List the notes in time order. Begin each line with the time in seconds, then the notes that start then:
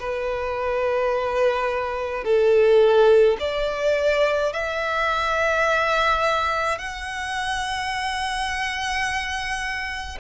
0.00 B4
2.24 A4
3.40 D5
4.53 E5
6.79 F#5